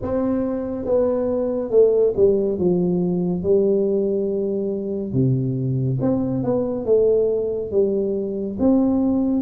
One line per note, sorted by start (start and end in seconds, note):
0.02 0.85 C4
0.85 1.70 B3
1.70 2.13 A3
2.16 2.58 G3
2.58 3.42 F3
3.42 5.12 G3
5.12 5.98 C3
6.01 6.43 C4
6.43 6.85 B3
6.85 7.71 A3
7.71 8.57 G3
8.59 9.42 C4